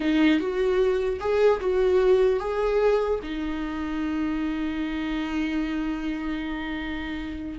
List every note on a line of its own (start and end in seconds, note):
0.00 0.39 D#4
0.39 1.19 F#4
1.20 1.60 G#4
1.60 2.39 F#4
2.39 3.19 G#4
3.22 7.59 D#4